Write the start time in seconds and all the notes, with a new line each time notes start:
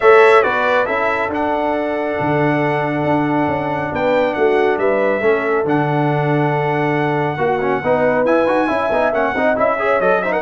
0.00 A3 A4 C#5 E5
0.42 B3 F#4 B4 D5
0.86 C#4 E4 A4 E5
1.28 D4 F#5
2.20 D3
3.03 D4
3.47 C#4
3.92 B3 B4 G5
4.33 A3 F#4 F#5
4.78 G3 B4 E5
5.21 A3 C#4 A4
5.64 D3 D4 F#5
7.37 A#3 F#4
7.61 C#4
7.81 B3 D#4 B4
8.25 E4 G#5
8.46 D#4 F#4
8.67 C#4 E4 E5
8.91 B3 D#4
9.12 A#3 C#4 F#5
9.34 C4 D#4 D#5
9.55 C#4 E4 E5
9.78 G#4 C#5
10.00 F#3 A4 D#5
10.22 D#4 C5 E5
10.32 A#4 F#5